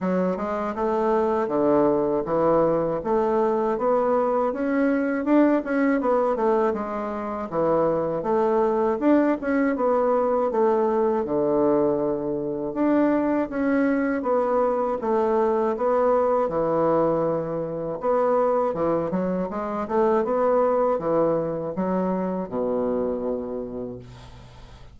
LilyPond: \new Staff \with { instrumentName = "bassoon" } { \time 4/4 \tempo 4 = 80 fis8 gis8 a4 d4 e4 | a4 b4 cis'4 d'8 cis'8 | b8 a8 gis4 e4 a4 | d'8 cis'8 b4 a4 d4~ |
d4 d'4 cis'4 b4 | a4 b4 e2 | b4 e8 fis8 gis8 a8 b4 | e4 fis4 b,2 | }